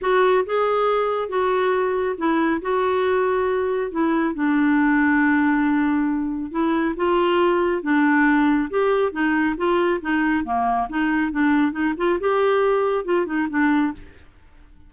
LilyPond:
\new Staff \with { instrumentName = "clarinet" } { \time 4/4 \tempo 4 = 138 fis'4 gis'2 fis'4~ | fis'4 e'4 fis'2~ | fis'4 e'4 d'2~ | d'2. e'4 |
f'2 d'2 | g'4 dis'4 f'4 dis'4 | ais4 dis'4 d'4 dis'8 f'8 | g'2 f'8 dis'8 d'4 | }